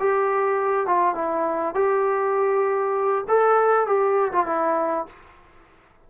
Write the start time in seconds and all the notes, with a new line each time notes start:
0.00 G4
0.87 F4
1.15 E4
1.75 G4
3.29 A4
3.87 G4
4.33 F4
4.47 E4